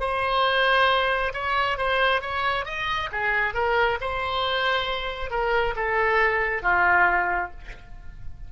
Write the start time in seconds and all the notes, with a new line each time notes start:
0.00 C5
1.34 C#5
1.78 C5
2.21 C#5
2.65 D#5
3.12 G#4
3.54 A#4
4.01 C5
5.30 A#4
5.76 A4
6.63 F4